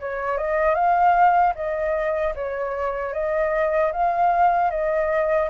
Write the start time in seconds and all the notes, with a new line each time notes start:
0.00 C#5
0.37 D#5
0.74 F5
1.55 D#5
2.35 C#5
3.13 D#5
3.92 F5
4.70 D#5